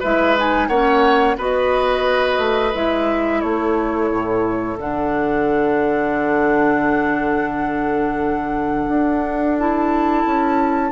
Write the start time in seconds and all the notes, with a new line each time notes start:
0.00 G#3 E4 B4 E5
0.37 D#4 G#5
0.68 A#3 C#4 C#5 F#5
1.37 B3 F#4 B4 D#5
2.39 A3
2.74 G#3 E4 E5
3.40 A3 A4 C#5
4.11 A2
4.78 D3 D4 F#5
8.89 D4
9.59 E4 A5
10.26 C#4